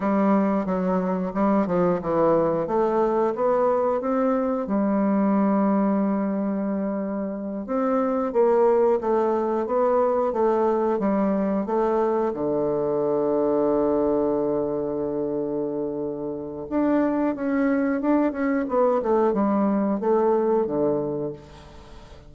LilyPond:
\new Staff \with { instrumentName = "bassoon" } { \time 4/4 \tempo 4 = 90 g4 fis4 g8 f8 e4 | a4 b4 c'4 g4~ | g2.~ g8 c'8~ | c'8 ais4 a4 b4 a8~ |
a8 g4 a4 d4.~ | d1~ | d4 d'4 cis'4 d'8 cis'8 | b8 a8 g4 a4 d4 | }